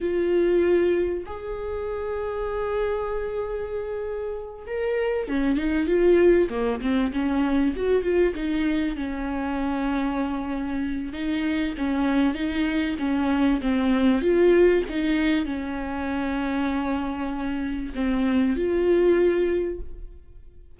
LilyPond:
\new Staff \with { instrumentName = "viola" } { \time 4/4 \tempo 4 = 97 f'2 gis'2~ | gis'2.~ gis'8 ais'8~ | ais'8 cis'8 dis'8 f'4 ais8 c'8 cis'8~ | cis'8 fis'8 f'8 dis'4 cis'4.~ |
cis'2 dis'4 cis'4 | dis'4 cis'4 c'4 f'4 | dis'4 cis'2.~ | cis'4 c'4 f'2 | }